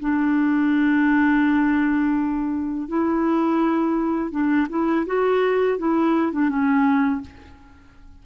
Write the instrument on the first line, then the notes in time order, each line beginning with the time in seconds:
clarinet
0.00 D4
2.88 E4
4.31 D4
4.70 E4
5.07 F#4
5.78 E4
6.33 D4
6.49 C#4